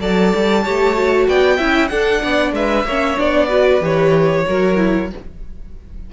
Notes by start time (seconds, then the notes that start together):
0.00 F#3 A4 D5 A5
0.35 G3
0.64 A3 G4 C#5
0.96 F#4
1.28 B3 D5 G5
1.57 C#4 E4 E5
1.88 D4 A4 F#5
2.23 B3 D5
2.53 G#3 B4 E5
2.85 A#3 C#4 C#5
3.17 B3 D4 D5
3.47 F#4 B4
3.81 E3 G4 C#5
4.47 F#3 F#4 A#4
4.77 E4